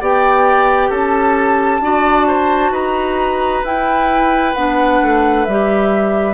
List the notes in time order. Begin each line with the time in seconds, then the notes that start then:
0.00 B3 G4 D5 G5
0.89 C#4 A4 A5
1.80 D4 F#4 D5
2.27 C5
2.70 D#4 B4 A#5
3.63 E4 G5
4.54 B3 D4 F#5
5.01 A3
5.45 G3 G4 E5